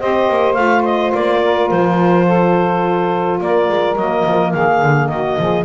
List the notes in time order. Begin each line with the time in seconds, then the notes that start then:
0.00 C4 G4 C5 D#5
0.30 A#3
0.54 A3 F4 F5
0.84 D#5
1.14 A#3 D5
1.44 A#4
1.70 F3 C5
2.27 A4
3.41 A#3 A#4 D5
3.69 G#3
3.95 F#3 A#3 D#5
4.26 F3
4.52 D#3 G#4 F5
4.82 D3
5.08 D#3 F#4 D#5
5.39 F3 G#4